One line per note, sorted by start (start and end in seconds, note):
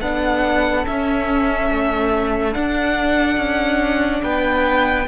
0.00 0.85 B3
0.00 0.83 D4
0.00 4.23 A4
0.00 0.85 F#5
0.83 2.52 C#4
0.83 1.70 C#4
0.83 2.53 E5
1.70 2.55 A3
2.52 5.06 D4
2.52 3.37 D4
2.52 4.22 F#5
3.37 4.21 C#4
4.23 5.07 B3
4.23 5.07 B4
4.23 5.07 G5